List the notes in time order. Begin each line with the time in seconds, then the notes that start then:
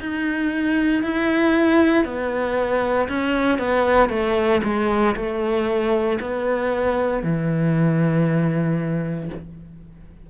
0.00 D#4
1.03 E4
2.05 B3
3.08 C#4
3.58 B3
4.10 A3
4.64 G#3
5.16 A3
6.20 B3
7.23 E3